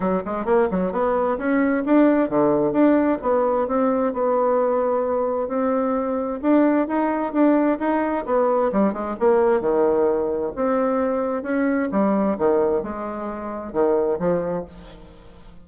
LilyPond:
\new Staff \with { instrumentName = "bassoon" } { \time 4/4 \tempo 4 = 131 fis8 gis8 ais8 fis8 b4 cis'4 | d'4 d4 d'4 b4 | c'4 b2. | c'2 d'4 dis'4 |
d'4 dis'4 b4 g8 gis8 | ais4 dis2 c'4~ | c'4 cis'4 g4 dis4 | gis2 dis4 f4 | }